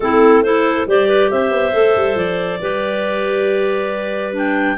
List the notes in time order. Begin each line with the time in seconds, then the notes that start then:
0.00 A3 C4 E4 A4
0.43 E4 A4 C5
0.86 G3 G4 C5 D5
1.07 B4
1.30 C4 C5 E5
1.50 B3
1.72 A3 A4
1.96 G3
2.15 F3 D5
2.60 G3 G4 B4
4.32 D4 G5